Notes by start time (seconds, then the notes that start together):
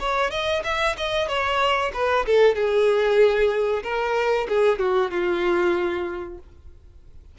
0.00 C#5
0.32 D#5
0.64 E5
0.98 D#5
1.29 C#5
1.94 B4
2.27 A4
2.56 G#4
3.84 A#4
4.49 G#4
4.80 F#4
5.11 F4